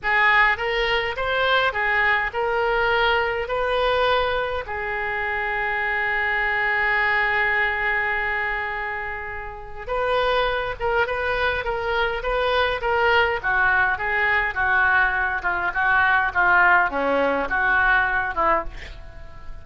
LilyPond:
\new Staff \with { instrumentName = "oboe" } { \time 4/4 \tempo 4 = 103 gis'4 ais'4 c''4 gis'4 | ais'2 b'2 | gis'1~ | gis'1~ |
gis'4 b'4. ais'8 b'4 | ais'4 b'4 ais'4 fis'4 | gis'4 fis'4. f'8 fis'4 | f'4 cis'4 fis'4. e'8 | }